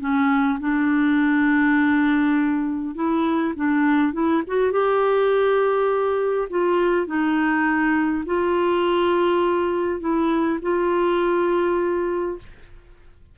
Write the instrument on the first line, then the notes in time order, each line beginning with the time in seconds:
clarinet
0.00 C#4
0.60 D4
2.95 E4
3.56 D4
4.13 E4
4.47 F#4
4.72 G4
6.50 F4
7.07 D#4
8.26 F4
10.00 E4
10.62 F4